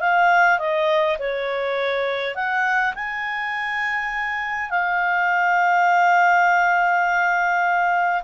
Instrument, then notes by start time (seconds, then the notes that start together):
clarinet
0.00 F5
0.59 D#5
1.19 C#5
2.35 F#5
2.95 G#5
4.70 F5